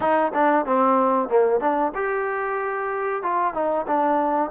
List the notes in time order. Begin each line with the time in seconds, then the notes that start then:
0.00 D#4
0.34 D4
0.65 C4
1.28 A#3
1.60 D4
1.94 G4
3.23 F4
3.53 D#4
3.87 D4